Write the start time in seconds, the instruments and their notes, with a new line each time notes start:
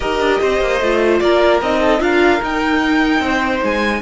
0.00 cello D#4, viola G4, violin A#4 D#5
0.19 cello D4
0.41 cello C4, violin C5
0.60 cello A#3
0.80 cello A3, viola F4
1.19 cello A#3, violin A#4 D5
1.61 cello C4, viola D#4, violin D#5
1.80 violin A4
1.99 cello D4, viola F4, violin A#4 F5
2.41 viola D#4, cello D#4, violin G5
3.19 cello C4, violin C5
3.63 cello G#3, violin G#5